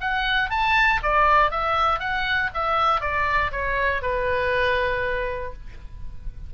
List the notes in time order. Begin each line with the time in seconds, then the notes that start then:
0.00 F#5
0.50 A5
1.02 D5
1.51 E5
1.99 F#5
2.53 E5
3.00 D5
3.51 C#5
4.02 B4